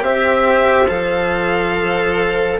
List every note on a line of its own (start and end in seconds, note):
0.00 0.87 C4
0.00 0.86 G4
0.00 2.59 C5
0.00 0.87 E5
0.87 2.59 F3
0.87 2.59 A4
0.87 2.59 F5